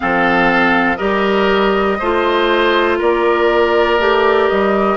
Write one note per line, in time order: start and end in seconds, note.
0.00 1.00 F3
0.00 0.97 C4
0.00 0.97 A4
0.00 0.96 F5
0.96 2.00 G3
0.96 1.98 G4
0.96 1.97 A#4
0.96 2.96 D#5
1.99 3.00 A3
1.99 3.99 F4
1.99 2.98 C5
2.98 3.99 A#3
2.98 4.96 A#4
2.98 4.48 D5
3.99 4.49 A3
3.99 4.96 G4
4.48 4.96 G3
4.48 4.96 D#5